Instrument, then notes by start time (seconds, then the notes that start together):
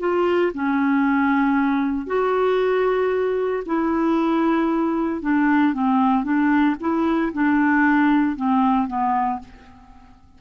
clarinet
0.00 F4
0.54 C#4
2.07 F#4
3.66 E4
5.22 D4
5.74 C4
6.24 D4
6.80 E4
7.33 D4
8.36 C4
8.87 B3